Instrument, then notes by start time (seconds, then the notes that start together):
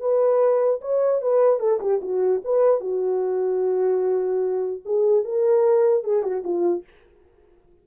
horn
0.00 B4
0.81 C#5
1.22 B4
1.60 A4
1.81 G4
2.02 F#4
2.45 B4
2.80 F#4
4.85 G#4
5.25 A#4
6.04 G#4
6.23 F#4
6.44 F4